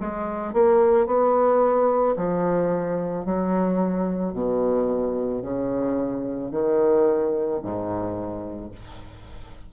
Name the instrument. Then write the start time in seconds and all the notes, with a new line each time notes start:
bassoon
0.00 G#3
0.53 A#3
1.06 B3
2.16 F3
3.25 F#3
4.33 B2
5.42 C#3
6.51 D#3
7.62 G#2